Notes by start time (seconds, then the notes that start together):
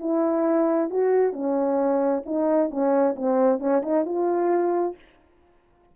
0.00 E4
0.91 F#4
1.33 C#4
2.26 D#4
2.71 C#4
3.17 C4
3.60 C#4
3.83 D#4
4.06 F4